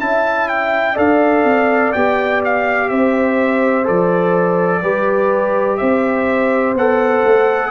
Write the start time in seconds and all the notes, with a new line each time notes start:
0.00 C#4 E4 E5 A5
0.49 G5
0.94 D4 A4 D5 F5
1.45 C4
1.93 B3 G4 G5
2.45 F5
2.89 C4 C5 E5
3.84 F3 A4 D5
4.82 G3 G4 B4
5.77 C4 C5 E5
6.75 B3 A4 F#5
7.25 A3